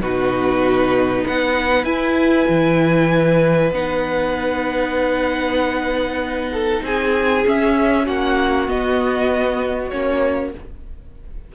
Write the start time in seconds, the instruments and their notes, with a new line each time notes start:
0.00 cello B2, viola D#4, violin F#4 B4
1.22 cello B3, violin B4 F#5
1.84 cello E4, viola E4, violin G#5
2.48 cello E3
3.71 cello B3, viola D#4, violin F#5
6.52 violin A4
6.82 cello C4, violin G#4 G#5
7.44 viola C#4, cello C#4, violin E5
8.04 cello A#3, violin F#4 F#5
8.67 viola B3, cello B3, violin D#5
9.89 cello A#3, viola C#4, violin C#5